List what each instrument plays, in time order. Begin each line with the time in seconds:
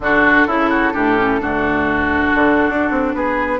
0.00 bassoon D3, clarinet D4, oboe F#4, flute A4
0.46 bassoon C#3, oboe E4, clarinet E4
0.69 oboe F#4
0.93 bassoon A2, clarinet D4, oboe G4
1.16 clarinet C#4
1.39 bassoon D2, clarinet D4, oboe F#4
2.34 bassoon D3
2.69 bassoon D4
2.90 bassoon C4
3.14 bassoon B3, oboe G#4, flute B4